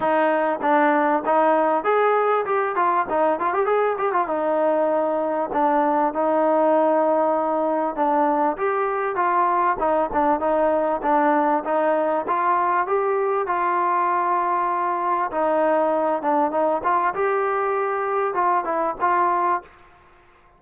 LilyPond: \new Staff \with { instrumentName = "trombone" } { \time 4/4 \tempo 4 = 98 dis'4 d'4 dis'4 gis'4 | g'8 f'8 dis'8 f'16 g'16 gis'8 g'16 f'16 dis'4~ | dis'4 d'4 dis'2~ | dis'4 d'4 g'4 f'4 |
dis'8 d'8 dis'4 d'4 dis'4 | f'4 g'4 f'2~ | f'4 dis'4. d'8 dis'8 f'8 | g'2 f'8 e'8 f'4 | }